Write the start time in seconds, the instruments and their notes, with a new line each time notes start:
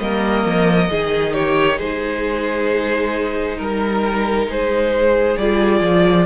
0.00 cello G3, viola A#3, violin A#4 D#5
0.46 cello F3
0.91 cello D#3, viola D#4, violin G#4
1.34 violin G4 C#5
1.78 cello G#3, violin G#4 C5
3.58 cello G3, violin A#4
4.47 cello G#3, violin G#4 C5
5.37 cello G3, viola F4, violin D5
5.81 cello F3